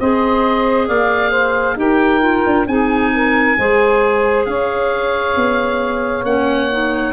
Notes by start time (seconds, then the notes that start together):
0.00 C4 G#4 C5 D#5
0.87 A#3 D5 F5
1.31 C5
1.76 D#4 G4 A#4 G5
2.21 F4
2.47 D4
2.67 C4 D#4 G#4 G#5
3.13 A#4
3.58 G#3 G#4 C5
4.46 C#4 C#5 F5
5.36 B3
6.23 A#3 C#4 F#5
6.71 D#4